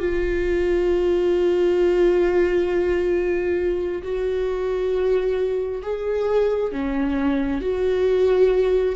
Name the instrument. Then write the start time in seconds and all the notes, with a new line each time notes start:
viola
0.00 F4
4.03 F#4
5.82 G#4
6.72 C#4
7.62 F#4